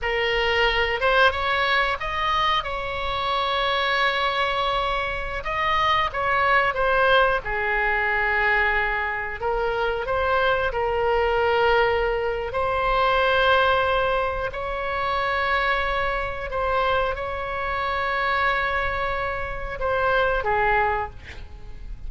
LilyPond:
\new Staff \with { instrumentName = "oboe" } { \time 4/4 \tempo 4 = 91 ais'4. c''8 cis''4 dis''4 | cis''1~ | cis''16 dis''4 cis''4 c''4 gis'8.~ | gis'2~ gis'16 ais'4 c''8.~ |
c''16 ais'2~ ais'8. c''4~ | c''2 cis''2~ | cis''4 c''4 cis''2~ | cis''2 c''4 gis'4 | }